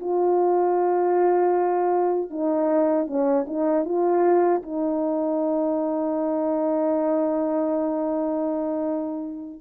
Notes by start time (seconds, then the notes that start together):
0.00 F4
2.30 D#4
3.07 C#4
3.47 D#4
3.85 F4
4.62 D#4